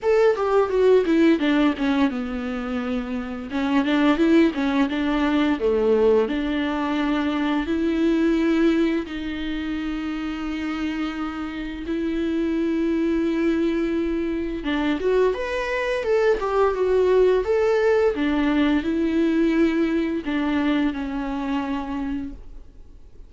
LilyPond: \new Staff \with { instrumentName = "viola" } { \time 4/4 \tempo 4 = 86 a'8 g'8 fis'8 e'8 d'8 cis'8 b4~ | b4 cis'8 d'8 e'8 cis'8 d'4 | a4 d'2 e'4~ | e'4 dis'2.~ |
dis'4 e'2.~ | e'4 d'8 fis'8 b'4 a'8 g'8 | fis'4 a'4 d'4 e'4~ | e'4 d'4 cis'2 | }